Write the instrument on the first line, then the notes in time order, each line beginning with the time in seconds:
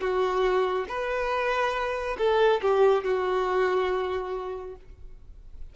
violin
0.00 F#4
0.88 B4
2.18 A4
2.61 G4
3.04 F#4